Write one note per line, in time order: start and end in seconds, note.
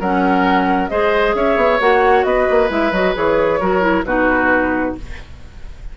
0.00 0.91 F#3
0.00 0.90 C#4
0.00 0.90 A#4
0.00 0.88 F#5
0.88 1.35 G#3
0.88 1.80 G#4
0.88 1.36 C5
0.88 1.34 D#5
1.35 1.57 C#4
1.35 2.26 C#5
1.35 1.80 E5
1.57 1.79 B3
1.80 2.24 A#3
1.80 2.69 F#4
1.80 2.24 F#5
2.24 2.47 B3
2.24 3.60 B4
2.24 2.69 D#5
2.50 2.70 A#3
2.69 2.92 G#3
2.69 2.91 E4
2.69 2.93 E5
2.92 3.14 F#3
2.92 3.15 F#4
2.92 3.15 D#5
3.15 3.61 E3
3.15 3.60 G#4
3.15 4.05 C#5
3.60 4.04 F#3
3.60 3.81 F#4
3.60 4.05 A#4
3.81 4.03 E4
4.04 4.95 B2
4.04 4.97 D#4
4.04 4.97 F#4
4.04 4.95 B4